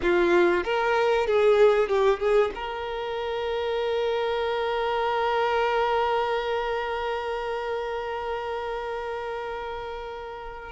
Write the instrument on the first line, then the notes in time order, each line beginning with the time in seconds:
violin
0.01 F4
0.63 A#4
1.27 G#4
1.88 G4
2.19 G#4
2.54 A#4